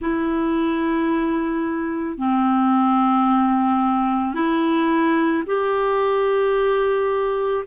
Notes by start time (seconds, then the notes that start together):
0.01 E4
2.17 C4
4.34 E4
5.46 G4